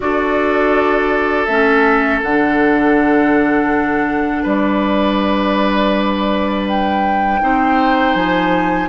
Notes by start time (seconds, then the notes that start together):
0.00 D4 F#4 A4 D5
1.45 A3 C#4 E5
2.22 D3 D4 F#5
4.42 G3 B4 D5
6.67 G5
7.41 C4 D#4 C5
8.14 F3 G#5